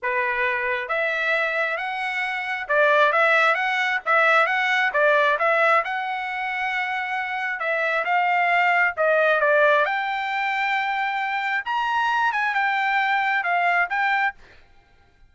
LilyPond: \new Staff \with { instrumentName = "trumpet" } { \time 4/4 \tempo 4 = 134 b'2 e''2 | fis''2 d''4 e''4 | fis''4 e''4 fis''4 d''4 | e''4 fis''2.~ |
fis''4 e''4 f''2 | dis''4 d''4 g''2~ | g''2 ais''4. gis''8 | g''2 f''4 g''4 | }